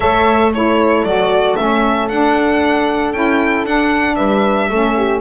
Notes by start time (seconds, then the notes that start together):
0.00 A3 A4 C#5 E5
0.53 E4 A4 C#5
1.03 F#3 F#4 D5
1.56 A3 C#4 E5
2.08 D4 F#5
3.12 C#4 E4 G5
3.64 D4 F#5
4.15 G3 B4 E5
4.69 A3 C#4 A4
4.96 G4